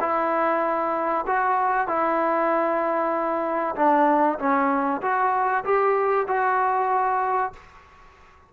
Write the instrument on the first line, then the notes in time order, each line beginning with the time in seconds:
trombone
0.00 E4
1.27 F#4
1.88 E4
3.76 D4
4.39 C#4
5.01 F#4
5.64 G4
6.28 F#4